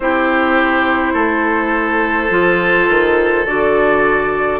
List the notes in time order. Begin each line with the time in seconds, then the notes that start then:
0.00 C4 E4 G4 C5
1.13 A3 A4
2.30 F3 F4
2.88 D#3
3.46 D3 F#4 D5